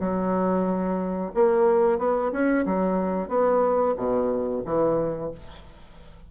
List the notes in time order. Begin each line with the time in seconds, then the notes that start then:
0.00 F#3
1.35 A#3
1.98 B3
2.32 C#4
2.66 F#3
3.29 B3
3.97 B2
4.65 E3